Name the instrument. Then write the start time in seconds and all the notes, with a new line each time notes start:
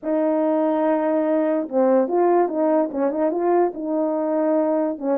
horn
0.02 D#4
1.69 C4
2.08 F4
2.48 D#4
2.91 C#4
3.10 D#4
3.31 F4
3.74 D#4
4.98 C#4